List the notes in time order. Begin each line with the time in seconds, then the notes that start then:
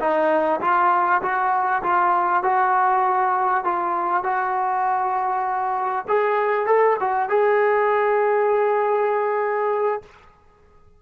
0.00 D#4
0.61 F4
1.22 F#4
1.83 F4
2.44 F#4
3.64 F4
4.24 F#4
6.08 G#4
6.67 A4
7.00 F#4
7.29 G#4